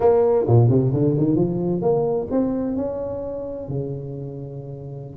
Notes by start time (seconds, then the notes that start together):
0.00 A#3
0.47 A#2
0.69 C3
0.93 D3
1.17 D#3
1.35 F3
1.81 A#3
2.31 C4
2.76 C#4
3.68 C#3